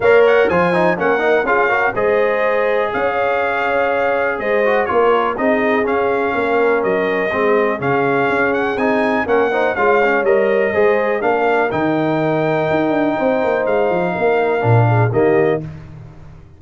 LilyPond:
<<
  \new Staff \with { instrumentName = "trumpet" } { \time 4/4 \tempo 4 = 123 f''8 fis''8 gis''4 fis''4 f''4 | dis''2 f''2~ | f''4 dis''4 cis''4 dis''4 | f''2 dis''2 |
f''4. fis''8 gis''4 fis''4 | f''4 dis''2 f''4 | g''1 | f''2. dis''4 | }
  \new Staff \with { instrumentName = "horn" } { \time 4/4 cis''4 c''4 ais'4 gis'8 ais'8 | c''2 cis''2~ | cis''4 c''4 ais'4 gis'4~ | gis'4 ais'2 gis'4~ |
gis'2. ais'8 c''8 | cis''2 c''4 ais'4~ | ais'2. c''4~ | c''4 ais'4. gis'8 g'4 | }
  \new Staff \with { instrumentName = "trombone" } { \time 4/4 ais'4 f'8 dis'8 cis'8 dis'8 f'8 fis'8 | gis'1~ | gis'4. fis'8 f'4 dis'4 | cis'2. c'4 |
cis'2 dis'4 cis'8 dis'8 | f'8 cis'8 ais'4 gis'4 d'4 | dis'1~ | dis'2 d'4 ais4 | }
  \new Staff \with { instrumentName = "tuba" } { \time 4/4 ais4 f4 ais4 cis'4 | gis2 cis'2~ | cis'4 gis4 ais4 c'4 | cis'4 ais4 fis4 gis4 |
cis4 cis'4 c'4 ais4 | gis4 g4 gis4 ais4 | dis2 dis'8 d'8 c'8 ais8 | gis8 f8 ais4 ais,4 dis4 | }
>>